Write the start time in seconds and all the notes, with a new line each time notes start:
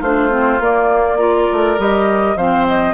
0.00 A3 D4 F4 C5
0.30 C4
0.60 A#3 D5
1.18 F4 A#4
1.53 A3
1.79 G3 G4 D#5
2.36 F3 C4 C5 F5
2.68 D#5